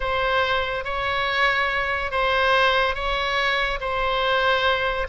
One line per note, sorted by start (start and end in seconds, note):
0.00 0.84 C5
0.84 2.11 C#5
2.11 2.94 C5
2.94 3.79 C#5
3.80 5.07 C5